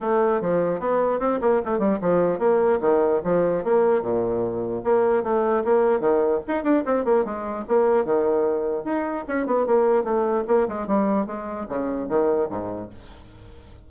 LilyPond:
\new Staff \with { instrumentName = "bassoon" } { \time 4/4 \tempo 4 = 149 a4 f4 b4 c'8 ais8 | a8 g8 f4 ais4 dis4 | f4 ais4 ais,2 | ais4 a4 ais4 dis4 |
dis'8 d'8 c'8 ais8 gis4 ais4 | dis2 dis'4 cis'8 b8 | ais4 a4 ais8 gis8 g4 | gis4 cis4 dis4 gis,4 | }